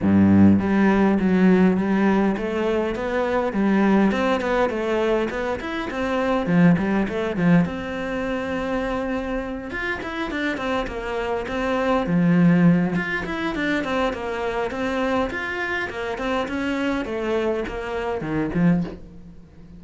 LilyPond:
\new Staff \with { instrumentName = "cello" } { \time 4/4 \tempo 4 = 102 g,4 g4 fis4 g4 | a4 b4 g4 c'8 b8 | a4 b8 e'8 c'4 f8 g8 | a8 f8 c'2.~ |
c'8 f'8 e'8 d'8 c'8 ais4 c'8~ | c'8 f4. f'8 e'8 d'8 c'8 | ais4 c'4 f'4 ais8 c'8 | cis'4 a4 ais4 dis8 f8 | }